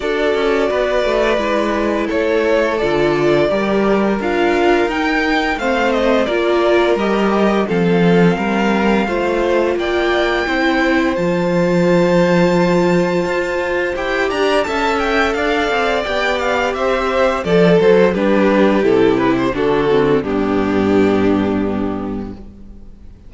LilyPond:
<<
  \new Staff \with { instrumentName = "violin" } { \time 4/4 \tempo 4 = 86 d''2. cis''4 | d''2 f''4 g''4 | f''8 dis''8 d''4 dis''4 f''4~ | f''2 g''2 |
a''1 | g''8 ais''8 a''8 g''8 f''4 g''8 f''8 | e''4 d''8 c''8 b'4 a'8 b'16 c''16 | a'4 g'2. | }
  \new Staff \with { instrumentName = "violin" } { \time 4/4 a'4 b'2 a'4~ | a'4 ais'2. | c''4 ais'2 a'4 | ais'4 c''4 d''4 c''4~ |
c''1~ | c''8 d''8 e''4 d''2 | c''4 a'4 g'2 | fis'4 d'2. | }
  \new Staff \with { instrumentName = "viola" } { \time 4/4 fis'2 e'2 | f'4 g'4 f'4 dis'4 | c'4 f'4 g'4 c'4~ | c'4 f'2 e'4 |
f'1 | g'4 a'2 g'4~ | g'4 a'4 d'4 e'4 | d'8 c'8 b2. | }
  \new Staff \with { instrumentName = "cello" } { \time 4/4 d'8 cis'8 b8 a8 gis4 a4 | d4 g4 d'4 dis'4 | a4 ais4 g4 f4 | g4 a4 ais4 c'4 |
f2. f'4 | e'8 d'8 cis'4 d'8 c'8 b4 | c'4 f8 fis8 g4 c4 | d4 g,2. | }
>>